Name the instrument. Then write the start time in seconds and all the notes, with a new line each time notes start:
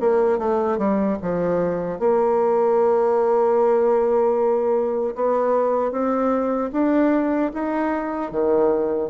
bassoon
0.00 A#3
0.38 A3
0.78 G3
1.22 F3
1.99 A#3
5.15 B3
5.91 C4
6.72 D4
7.53 D#4
8.31 D#3